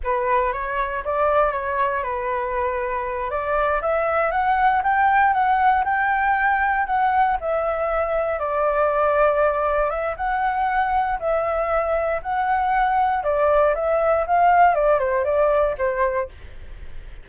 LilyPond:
\new Staff \with { instrumentName = "flute" } { \time 4/4 \tempo 4 = 118 b'4 cis''4 d''4 cis''4 | b'2~ b'8 d''4 e''8~ | e''8 fis''4 g''4 fis''4 g''8~ | g''4. fis''4 e''4.~ |
e''8 d''2. e''8 | fis''2 e''2 | fis''2 d''4 e''4 | f''4 d''8 c''8 d''4 c''4 | }